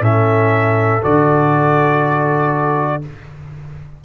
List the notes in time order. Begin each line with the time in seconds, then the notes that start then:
0.00 A2 C#4 A4 E5
1.01 D3 F#4 D5